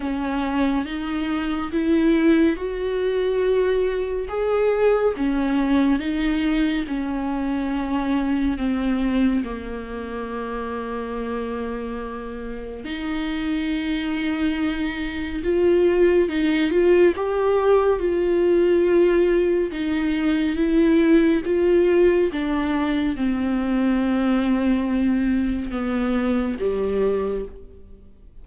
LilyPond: \new Staff \with { instrumentName = "viola" } { \time 4/4 \tempo 4 = 70 cis'4 dis'4 e'4 fis'4~ | fis'4 gis'4 cis'4 dis'4 | cis'2 c'4 ais4~ | ais2. dis'4~ |
dis'2 f'4 dis'8 f'8 | g'4 f'2 dis'4 | e'4 f'4 d'4 c'4~ | c'2 b4 g4 | }